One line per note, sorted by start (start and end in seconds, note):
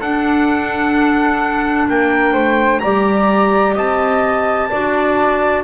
0.00 1.88 D4
0.00 2.83 D4
0.00 1.88 A4
0.00 1.88 F#5
1.89 2.33 A#3
1.89 2.33 A#4
1.89 2.79 G5
2.33 2.80 A3
2.33 2.80 C5
2.79 3.76 G3
2.79 4.71 G4
2.79 3.74 D5
2.79 3.73 A#5
3.74 4.70 C4
3.74 4.68 D#5
3.74 5.64 A5
4.70 5.64 D4
4.70 5.64 F#4
4.70 5.63 D5